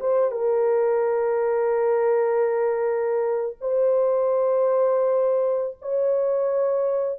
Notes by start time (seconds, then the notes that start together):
0.00 C5
0.31 A#4
3.60 C5
5.81 C#5